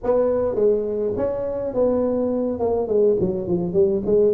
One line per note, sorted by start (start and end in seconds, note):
0.03 0.55 B3
0.55 1.12 G#3
1.16 1.74 C#4
1.74 2.59 B3
2.59 2.87 A#3
2.87 3.16 G#3
3.19 3.47 F#3
3.47 3.73 F3
3.73 4.01 G3
4.05 4.33 G#3